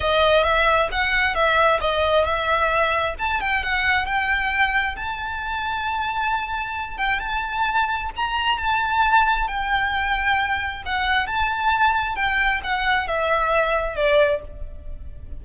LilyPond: \new Staff \with { instrumentName = "violin" } { \time 4/4 \tempo 4 = 133 dis''4 e''4 fis''4 e''4 | dis''4 e''2 a''8 g''8 | fis''4 g''2 a''4~ | a''2.~ a''8 g''8 |
a''2 ais''4 a''4~ | a''4 g''2. | fis''4 a''2 g''4 | fis''4 e''2 d''4 | }